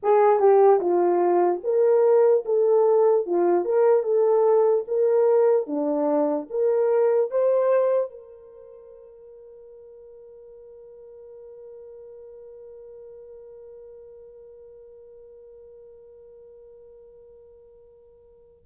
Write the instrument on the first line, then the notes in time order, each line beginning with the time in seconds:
horn
0.03 G#4
0.39 G4
0.80 F4
1.63 A#4
2.45 A4
3.26 F4
3.64 A#4
4.03 A4
4.87 A#4
5.66 D4
6.49 A#4
7.30 C5
8.10 A#4